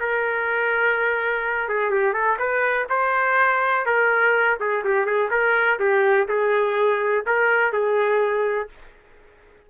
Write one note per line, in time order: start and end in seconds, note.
0.00 1.69 A#4
1.69 1.91 G#4
1.91 2.14 G4
2.14 2.38 A4
2.39 2.88 B4
2.89 3.86 C5
3.86 4.59 A#4
4.60 4.84 G#4
4.85 5.06 G4
5.06 5.30 G#4
5.31 5.79 A#4
5.80 6.28 G4
6.29 7.25 G#4
7.26 7.73 A#4
7.73 8.69 G#4